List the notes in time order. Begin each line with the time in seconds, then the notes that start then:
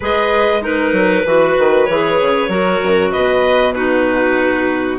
0.00 G#3 G#4 B4 D#5
0.61 D#4 A#4 B4
0.92 F#3
1.25 E3 F#4 B4
1.58 D#3
1.85 E3 G#4 C#5
2.21 C#3
2.48 F#3 F#4 A#4
2.83 F#2
3.12 B2 B4 D#5
3.73 D#4 F#4 B4